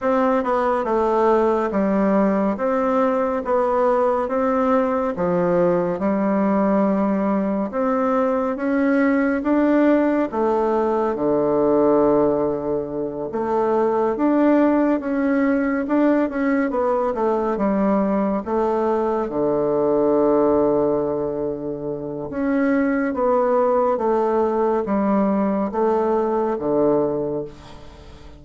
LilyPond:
\new Staff \with { instrumentName = "bassoon" } { \time 4/4 \tempo 4 = 70 c'8 b8 a4 g4 c'4 | b4 c'4 f4 g4~ | g4 c'4 cis'4 d'4 | a4 d2~ d8 a8~ |
a8 d'4 cis'4 d'8 cis'8 b8 | a8 g4 a4 d4.~ | d2 cis'4 b4 | a4 g4 a4 d4 | }